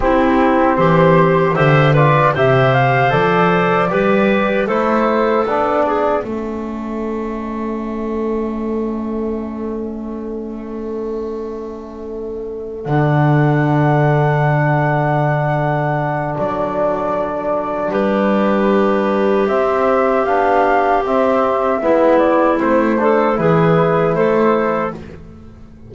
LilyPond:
<<
  \new Staff \with { instrumentName = "flute" } { \time 4/4 \tempo 4 = 77 g'4 c''4 e''8 d''8 e''8 f''8 | d''2 c''4 d''4 | e''1~ | e''1~ |
e''8 fis''2.~ fis''8~ | fis''4 d''2 b'4~ | b'4 e''4 f''4 e''4~ | e''8 d''8 c''4 b'4 c''4 | }
  \new Staff \with { instrumentName = "clarinet" } { \time 4/4 e'4 g'4 c''8 b'8 c''4~ | c''4 b'4 a'4. gis'8 | a'1~ | a'1~ |
a'1~ | a'2. g'4~ | g'1 | e'4. a'8 gis'4 a'4 | }
  \new Staff \with { instrumentName = "trombone" } { \time 4/4 c'2 g'8 f'8 g'4 | a'4 g'4 e'4 d'4 | cis'1~ | cis'1~ |
cis'8 d'2.~ d'8~ | d'1~ | d'4 c'4 d'4 c'4 | b4 c'8 d'8 e'2 | }
  \new Staff \with { instrumentName = "double bass" } { \time 4/4 c'4 e4 d4 c4 | f4 g4 a4 b4 | a1~ | a1~ |
a8 d2.~ d8~ | d4 fis2 g4~ | g4 c'4 b4 c'4 | gis4 a4 e4 a4 | }
>>